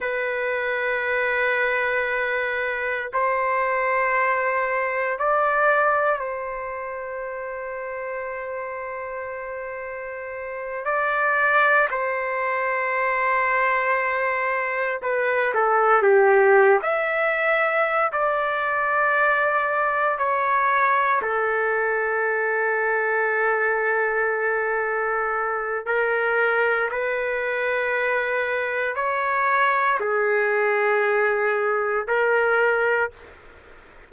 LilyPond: \new Staff \with { instrumentName = "trumpet" } { \time 4/4 \tempo 4 = 58 b'2. c''4~ | c''4 d''4 c''2~ | c''2~ c''8 d''4 c''8~ | c''2~ c''8 b'8 a'8 g'8~ |
g'16 e''4~ e''16 d''2 cis''8~ | cis''8 a'2.~ a'8~ | a'4 ais'4 b'2 | cis''4 gis'2 ais'4 | }